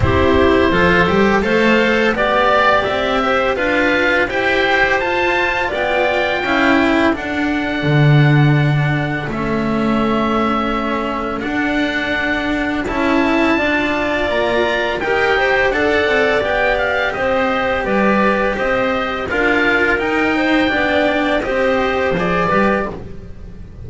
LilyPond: <<
  \new Staff \with { instrumentName = "oboe" } { \time 4/4 \tempo 4 = 84 c''2 f''4 d''4 | e''4 f''4 g''4 a''4 | g''2 fis''2~ | fis''4 e''2. |
fis''2 a''2 | ais''4 g''4 fis''4 g''8 f''8 | dis''4 d''4 dis''4 f''4 | g''2 dis''4 d''4 | }
  \new Staff \with { instrumentName = "clarinet" } { \time 4/4 g'4 a'4 c''4 d''4~ | d''8 c''8 b'4 c''2 | d''4 f''8 a'2~ a'8~ | a'1~ |
a'2. d''4~ | d''4 ais'8 c''8 d''2 | c''4 b'4 c''4 ais'4~ | ais'8 c''8 d''4 c''4. b'8 | }
  \new Staff \with { instrumentName = "cello" } { \time 4/4 e'4 f'8 g'8 a'4 g'4~ | g'4 f'4 g'4 f'4~ | f'4 e'4 d'2~ | d'4 cis'2. |
d'2 e'4 f'4~ | f'4 g'4 a'4 g'4~ | g'2. f'4 | dis'4 d'4 g'4 gis'8 g'8 | }
  \new Staff \with { instrumentName = "double bass" } { \time 4/4 c'4 f8 g8 a4 b4 | c'4 d'4 e'4 f'4 | b4 cis'4 d'4 d4~ | d4 a2. |
d'2 cis'4 d'4 | ais4 dis'4 d'8 c'8 b4 | c'4 g4 c'4 d'4 | dis'4 b4 c'4 f8 g8 | }
>>